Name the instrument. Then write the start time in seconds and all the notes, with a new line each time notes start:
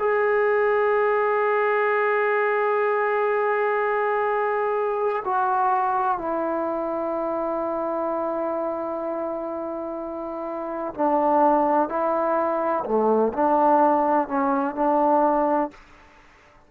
trombone
0.00 G#4
5.26 F#4
6.18 E4
10.95 D4
11.90 E4
12.85 A3
13.34 D4
14.29 C#4
14.76 D4